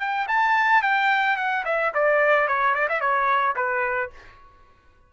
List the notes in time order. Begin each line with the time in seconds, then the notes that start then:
0.00 G5
0.28 A5
0.82 G5
1.37 F#5
1.65 E5
1.94 D5
2.48 C#5
2.75 D5
2.89 E5
3.01 C#5
3.56 B4